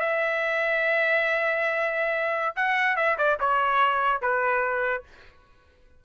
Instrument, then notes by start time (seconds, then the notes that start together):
trumpet
0.00 E5
2.56 F#5
2.96 E5
3.18 D5
3.40 C#5
4.22 B4